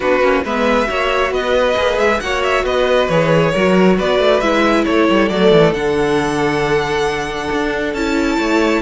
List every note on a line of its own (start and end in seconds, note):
0.00 0.22 B3
0.00 0.22 D4
0.00 0.43 F#4
0.00 0.44 B4
0.22 0.44 A#3
0.22 0.44 C#4
0.44 0.88 G#3
0.44 0.86 B3
0.44 0.88 B4
0.44 1.33 E5
0.86 1.31 A#3
0.86 1.74 F#4
0.86 1.32 C#5
1.31 1.75 B3
1.31 2.20 B4
1.31 1.98 D#5
1.76 1.98 A#3
1.76 2.20 G#4
1.98 2.20 G#3
1.98 2.20 E5
2.20 2.64 A#3
2.20 3.11 F#4
2.20 2.63 C#5
2.20 2.42 F#5
2.43 2.65 E5
2.63 3.08 B3
2.63 3.51 B4
2.63 3.09 D#5
3.09 3.53 E3
3.09 3.55 G#4
3.09 3.97 C#5
3.52 3.99 F#3
3.52 4.42 F#4
3.52 3.96 A#4
3.97 4.19 B3
3.97 4.85 B4
3.97 4.40 D5
4.19 4.41 A3
4.40 4.85 G#3
4.40 5.30 E4
4.40 4.84 E5
4.85 5.09 A3
4.85 8.37 A4
4.85 5.28 C#5
5.09 5.30 G3
5.28 5.51 F#3
5.28 5.74 A3
5.28 5.72 D5
5.51 5.72 E3
5.72 7.48 D3
5.72 7.95 D4
5.72 7.94 F#5
7.52 7.94 D4
7.94 8.38 C#4
7.94 8.81 E4
7.94 8.81 A5
8.37 8.81 A3
8.37 8.81 C#5